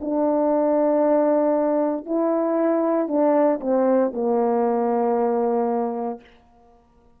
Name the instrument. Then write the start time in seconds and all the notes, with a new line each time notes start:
horn
0.00 D4
2.05 E4
3.08 D4
3.60 C4
4.13 A#3